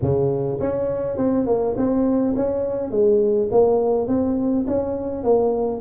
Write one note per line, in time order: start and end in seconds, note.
0.01 0.59 C#3
0.60 1.17 C#4
1.17 1.46 C4
1.46 1.75 A#3
1.76 2.35 C4
2.35 2.90 C#4
2.90 3.48 G#3
3.51 4.07 A#3
4.07 4.65 C4
4.67 5.23 C#4
5.23 5.81 A#3